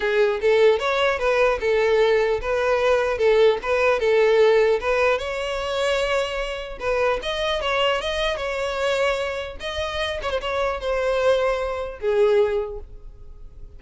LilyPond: \new Staff \with { instrumentName = "violin" } { \time 4/4 \tempo 4 = 150 gis'4 a'4 cis''4 b'4 | a'2 b'2 | a'4 b'4 a'2 | b'4 cis''2.~ |
cis''4 b'4 dis''4 cis''4 | dis''4 cis''2. | dis''4. cis''16 c''16 cis''4 c''4~ | c''2 gis'2 | }